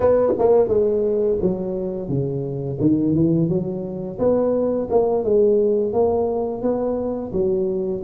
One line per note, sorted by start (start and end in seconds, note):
0.00 0.33 B3
0.38 0.68 A#3
0.68 1.38 G#3
1.41 2.08 F#3
2.08 2.78 C#3
2.80 3.14 D#3
3.14 3.49 E3
3.49 4.18 F#3
4.18 4.88 B3
4.90 5.24 A#3
5.24 5.93 G#3
5.93 6.62 A#3
6.62 7.31 B3
7.32 8.02 F#3